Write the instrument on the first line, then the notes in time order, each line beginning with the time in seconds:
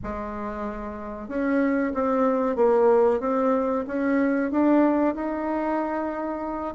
bassoon
0.03 G#3
1.28 C#4
1.94 C4
2.56 A#3
3.20 C4
3.87 C#4
4.51 D4
5.14 D#4